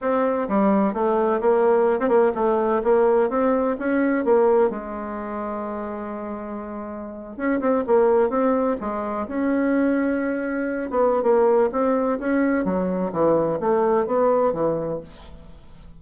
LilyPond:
\new Staff \with { instrumentName = "bassoon" } { \time 4/4 \tempo 4 = 128 c'4 g4 a4 ais4~ | ais16 c'16 ais8 a4 ais4 c'4 | cis'4 ais4 gis2~ | gis2.~ gis8. cis'16~ |
cis'16 c'8 ais4 c'4 gis4 cis'16~ | cis'2.~ cis'16 b8. | ais4 c'4 cis'4 fis4 | e4 a4 b4 e4 | }